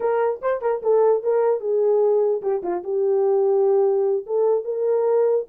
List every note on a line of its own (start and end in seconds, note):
0.00 0.40 A#4
0.41 0.61 C5
0.61 0.82 A#4
0.82 1.23 A4
1.23 1.60 A#4
1.60 2.41 G#4
2.42 2.62 G4
2.62 2.83 F4
2.83 4.25 G4
4.26 4.64 A4
4.64 5.45 A#4